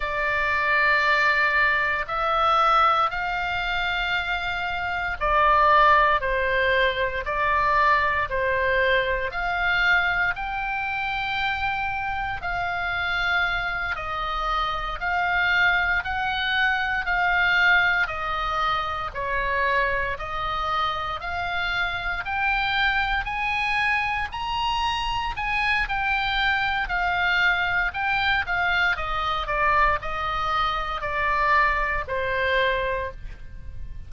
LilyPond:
\new Staff \with { instrumentName = "oboe" } { \time 4/4 \tempo 4 = 58 d''2 e''4 f''4~ | f''4 d''4 c''4 d''4 | c''4 f''4 g''2 | f''4. dis''4 f''4 fis''8~ |
fis''8 f''4 dis''4 cis''4 dis''8~ | dis''8 f''4 g''4 gis''4 ais''8~ | ais''8 gis''8 g''4 f''4 g''8 f''8 | dis''8 d''8 dis''4 d''4 c''4 | }